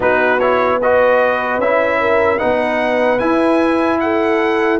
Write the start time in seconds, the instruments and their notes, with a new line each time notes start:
0.00 tuba B3, trombone D#4, horn F#4, trumpet B4
0.39 trombone E4, trumpet C#5
0.80 trombone F#4, horn B4, trumpet D#5
1.58 tuba C#4, trombone E4, trumpet E5
2.00 horn A#4
2.38 tuba B3, trombone D#4, horn B4, trumpet F#5
3.19 trombone E4, tuba E4, trumpet G#5
4.00 horn A4, trumpet F#5